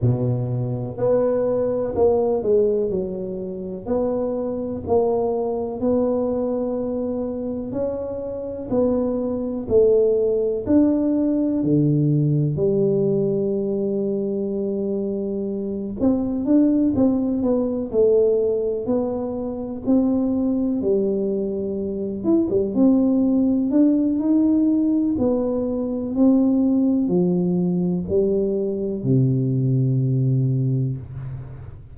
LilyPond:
\new Staff \with { instrumentName = "tuba" } { \time 4/4 \tempo 4 = 62 b,4 b4 ais8 gis8 fis4 | b4 ais4 b2 | cis'4 b4 a4 d'4 | d4 g2.~ |
g8 c'8 d'8 c'8 b8 a4 b8~ | b8 c'4 g4. e'16 g16 c'8~ | c'8 d'8 dis'4 b4 c'4 | f4 g4 c2 | }